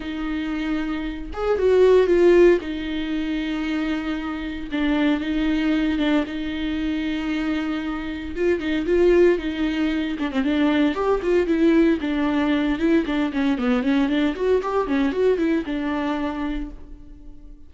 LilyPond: \new Staff \with { instrumentName = "viola" } { \time 4/4 \tempo 4 = 115 dis'2~ dis'8 gis'8 fis'4 | f'4 dis'2.~ | dis'4 d'4 dis'4. d'8 | dis'1 |
f'8 dis'8 f'4 dis'4. d'16 c'16 | d'4 g'8 f'8 e'4 d'4~ | d'8 e'8 d'8 cis'8 b8 cis'8 d'8 fis'8 | g'8 cis'8 fis'8 e'8 d'2 | }